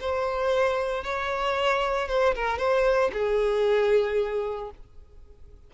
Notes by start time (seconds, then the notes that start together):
0.00 C5
1.04 C#5
2.08 C5
2.35 A#4
2.58 C5
3.13 G#4